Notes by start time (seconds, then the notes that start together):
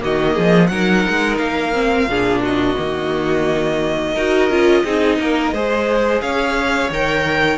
0.00 D#3 A#3 F#4 D#5
0.34 F3 G#4
0.67 F#3 D#4 A#4 F#5
1.09 G#3
1.38 A#3 F5
1.73 C4
2.06 A#2 D4 G#4
2.42 F#4 D#5
2.76 D#3 A#3
4.14 D#4 F#4 A#4
4.49 C#4 F4
4.84 C4 D#4 G#4
5.19 A#3 A#4
5.53 G#3 G#4 C5
6.21 C#4 C#5 F5
6.90 D#3 A#4 G5